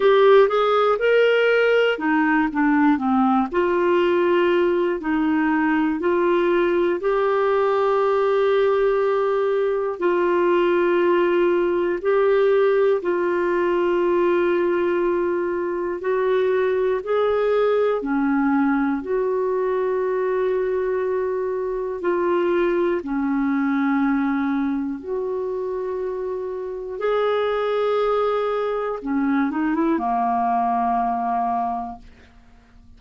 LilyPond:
\new Staff \with { instrumentName = "clarinet" } { \time 4/4 \tempo 4 = 60 g'8 gis'8 ais'4 dis'8 d'8 c'8 f'8~ | f'4 dis'4 f'4 g'4~ | g'2 f'2 | g'4 f'2. |
fis'4 gis'4 cis'4 fis'4~ | fis'2 f'4 cis'4~ | cis'4 fis'2 gis'4~ | gis'4 cis'8 dis'16 e'16 ais2 | }